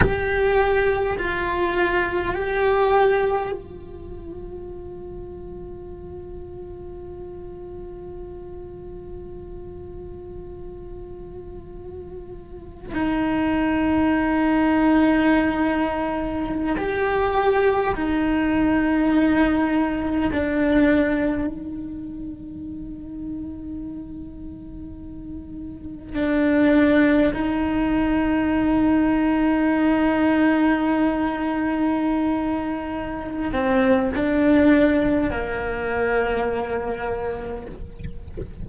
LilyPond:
\new Staff \with { instrumentName = "cello" } { \time 4/4 \tempo 4 = 51 g'4 f'4 g'4 f'4~ | f'1~ | f'2. dis'4~ | dis'2~ dis'16 g'4 dis'8.~ |
dis'4~ dis'16 d'4 dis'4.~ dis'16~ | dis'2~ dis'16 d'4 dis'8.~ | dis'1~ | dis'8 c'8 d'4 ais2 | }